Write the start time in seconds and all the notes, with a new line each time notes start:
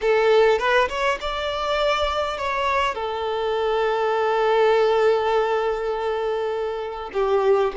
0.01 A4
0.58 B4
0.89 C#5
1.20 D5
2.37 C#5
2.94 A4
7.13 G4